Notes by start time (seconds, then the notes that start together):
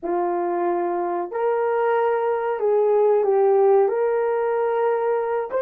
0.02 F4
1.31 A#4
2.59 G#4
3.23 G4
3.88 A#4
5.50 C5